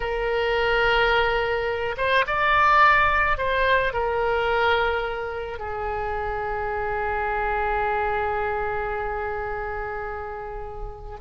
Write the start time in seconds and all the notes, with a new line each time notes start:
0.00 A#4
1.97 C5
2.26 D5
3.37 C5
3.93 A#4
5.58 G#4